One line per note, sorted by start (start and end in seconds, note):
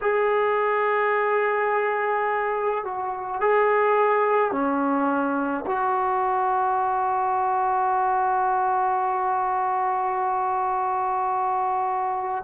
0.01 2.84 G#4
2.84 3.40 F#4
3.40 4.51 G#4
4.51 5.64 C#4
5.66 12.44 F#4